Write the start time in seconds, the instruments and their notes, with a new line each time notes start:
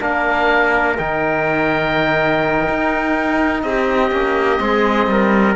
0.00 cello A#3, trombone D4, trumpet A#4, oboe F5
0.98 cello D#3, trombone D#4, oboe G5
2.69 cello D#4
3.63 cello C4, trumpet G4, oboe D#5
4.11 cello A#3, trombone C#4
4.58 cello G#3, trombone C4, trumpet G#4
5.07 cello G3, trumpet A#4